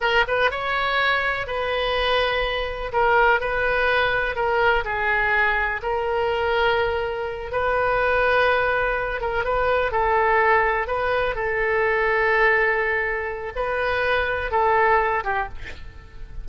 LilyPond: \new Staff \with { instrumentName = "oboe" } { \time 4/4 \tempo 4 = 124 ais'8 b'8 cis''2 b'4~ | b'2 ais'4 b'4~ | b'4 ais'4 gis'2 | ais'2.~ ais'8 b'8~ |
b'2. ais'8 b'8~ | b'8 a'2 b'4 a'8~ | a'1 | b'2 a'4. g'8 | }